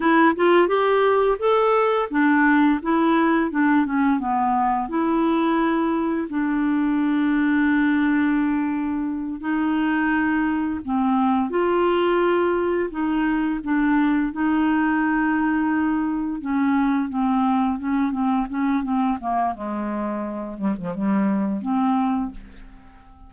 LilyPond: \new Staff \with { instrumentName = "clarinet" } { \time 4/4 \tempo 4 = 86 e'8 f'8 g'4 a'4 d'4 | e'4 d'8 cis'8 b4 e'4~ | e'4 d'2.~ | d'4. dis'2 c'8~ |
c'8 f'2 dis'4 d'8~ | d'8 dis'2. cis'8~ | cis'8 c'4 cis'8 c'8 cis'8 c'8 ais8 | gis4. g16 f16 g4 c'4 | }